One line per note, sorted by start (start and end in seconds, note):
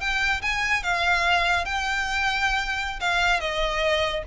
0.00 0.41 G5
0.42 0.83 G#5
0.83 1.65 F5
1.65 3.00 G5
3.00 3.40 F5
3.40 4.23 D#5